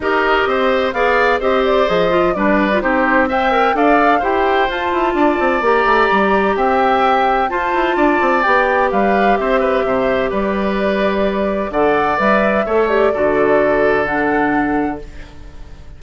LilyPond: <<
  \new Staff \with { instrumentName = "flute" } { \time 4/4 \tempo 4 = 128 dis''2 f''4 dis''8 d''8 | dis''4 d''4 c''4 g''4 | f''4 g''4 a''2 | ais''2 g''2 |
a''2 g''4 f''4 | e''2 d''2~ | d''4 fis''4 e''4. d''8~ | d''2 fis''2 | }
  \new Staff \with { instrumentName = "oboe" } { \time 4/4 ais'4 c''4 d''4 c''4~ | c''4 b'4 g'4 e''4 | d''4 c''2 d''4~ | d''2 e''2 |
c''4 d''2 b'4 | c''8 b'8 c''4 b'2~ | b'4 d''2 cis''4 | a'1 | }
  \new Staff \with { instrumentName = "clarinet" } { \time 4/4 g'2 gis'4 g'4 | gis'8 f'8 d'8. f'16 dis'4 c''8 ais'8 | a'4 g'4 f'2 | g'1 |
f'2 g'2~ | g'1~ | g'4 a'4 b'4 a'8 g'8 | fis'2 d'2 | }
  \new Staff \with { instrumentName = "bassoon" } { \time 4/4 dis'4 c'4 b4 c'4 | f4 g4 c'2 | d'4 e'4 f'8 e'8 d'8 c'8 | ais8 a8 g4 c'2 |
f'8 e'8 d'8 c'8 b4 g4 | c'4 c4 g2~ | g4 d4 g4 a4 | d1 | }
>>